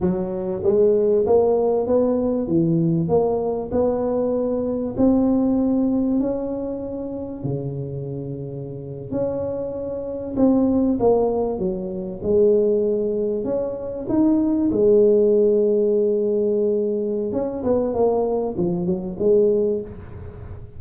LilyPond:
\new Staff \with { instrumentName = "tuba" } { \time 4/4 \tempo 4 = 97 fis4 gis4 ais4 b4 | e4 ais4 b2 | c'2 cis'2 | cis2~ cis8. cis'4~ cis'16~ |
cis'8. c'4 ais4 fis4 gis16~ | gis4.~ gis16 cis'4 dis'4 gis16~ | gis1 | cis'8 b8 ais4 f8 fis8 gis4 | }